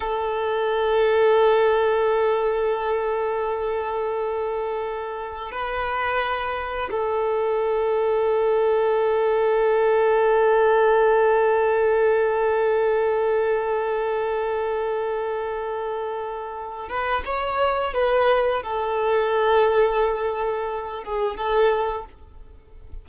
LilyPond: \new Staff \with { instrumentName = "violin" } { \time 4/4 \tempo 4 = 87 a'1~ | a'1 | b'2 a'2~ | a'1~ |
a'1~ | a'1~ | a'8 b'8 cis''4 b'4 a'4~ | a'2~ a'8 gis'8 a'4 | }